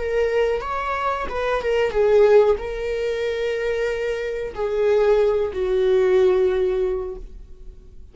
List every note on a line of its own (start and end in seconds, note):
0.00 0.61 A#4
0.61 1.27 C#5
1.30 1.62 B4
1.62 1.91 A#4
1.91 2.56 G#4
2.58 4.54 A#4
4.54 5.52 G#4
5.53 7.16 F#4